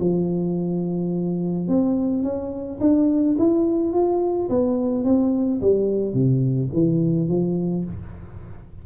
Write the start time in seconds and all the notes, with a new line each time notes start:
0.00 F3
1.68 C4
2.23 C#4
2.81 D4
3.39 E4
3.93 F4
4.49 B3
5.05 C4
5.62 G3
6.14 C3
6.74 E3
7.28 F3